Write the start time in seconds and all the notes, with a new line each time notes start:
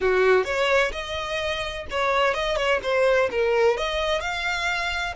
0.00 F#4
0.44 C#5
0.92 D#5
1.90 C#5
2.34 D#5
2.56 C#5
2.83 C5
3.31 A#4
3.77 D#5
4.20 F5